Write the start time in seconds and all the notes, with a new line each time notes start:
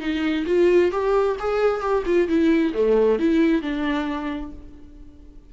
0.00 D#4
0.47 F4
0.92 G4
1.40 G#4
1.81 G4
2.06 F4
2.28 E4
2.74 A3
3.19 E4
3.62 D4